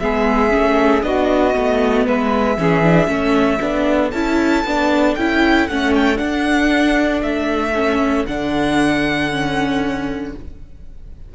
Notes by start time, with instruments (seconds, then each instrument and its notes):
0.00 cello G#3, viola B3, saxophone G#4, violin E5
0.51 cello A3, viola C#4
1.03 cello B3, viola D4, saxophone F#4, violin D#5
1.54 cello A3, viola B3
2.06 cello G#3, saxophone B4, violin E5
2.58 cello E3, viola C#4, saxophone G#4
2.83 viola D4
3.08 cello A3, viola C#4, saxophone A4
3.60 cello B3, viola D4
4.11 cello C#4, viola E4, violin A5
4.65 cello B3, viola D4
5.16 cello C#4, viola E4, violin G5
5.67 cello A3, viola C#4, violin F#5
5.96 violin G5
6.17 viola D4, cello D4, violin F#5
7.22 cello A3, violin E5
7.75 viola C#4
8.26 cello D3, viola D4, violin F#5
9.31 viola C#4